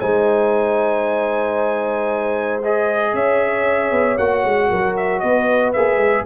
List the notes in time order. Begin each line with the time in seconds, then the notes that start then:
0.00 G#3 D#4 C5 G#5
2.64 G#4 D#5
3.14 C#4 C#5 E5
3.92 B3
4.18 A#3 F#4 F#5
4.45 G#3
4.70 F#3 A#4
4.97 E5
5.20 B3 B4 D#5
5.73 A#3 G#4 E5
5.96 G#3